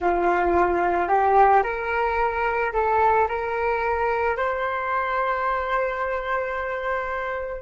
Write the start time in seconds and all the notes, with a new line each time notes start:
0.00 F4
1.08 G4
1.63 A#4
2.73 A4
3.28 A#4
4.36 C5